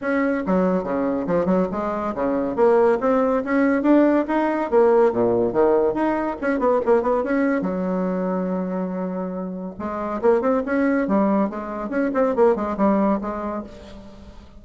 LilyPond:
\new Staff \with { instrumentName = "bassoon" } { \time 4/4 \tempo 4 = 141 cis'4 fis4 cis4 f8 fis8 | gis4 cis4 ais4 c'4 | cis'4 d'4 dis'4 ais4 | ais,4 dis4 dis'4 cis'8 b8 |
ais8 b8 cis'4 fis2~ | fis2. gis4 | ais8 c'8 cis'4 g4 gis4 | cis'8 c'8 ais8 gis8 g4 gis4 | }